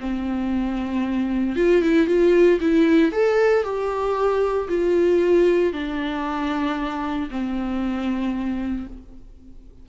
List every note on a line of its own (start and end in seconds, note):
0.00 1.56 C4
1.56 1.82 F4
1.82 2.07 E4
2.07 2.59 F4
2.60 3.12 E4
3.12 3.64 A4
3.64 4.68 G4
4.68 5.73 F4
5.73 7.29 D4
7.30 8.87 C4